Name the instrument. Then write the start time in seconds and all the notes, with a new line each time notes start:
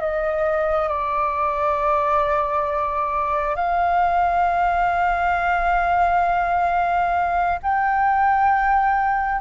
flute
0.00 D#5
0.88 D5
3.56 F5
7.62 G5